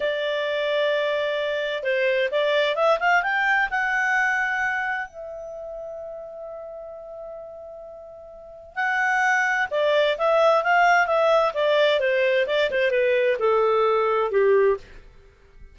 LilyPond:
\new Staff \with { instrumentName = "clarinet" } { \time 4/4 \tempo 4 = 130 d''1 | c''4 d''4 e''8 f''8 g''4 | fis''2. e''4~ | e''1~ |
e''2. fis''4~ | fis''4 d''4 e''4 f''4 | e''4 d''4 c''4 d''8 c''8 | b'4 a'2 g'4 | }